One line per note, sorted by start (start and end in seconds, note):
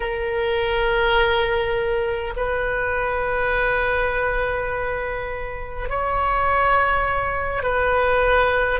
0.00 2.34 A#4
2.36 5.89 B4
5.89 7.63 C#5
7.63 8.80 B4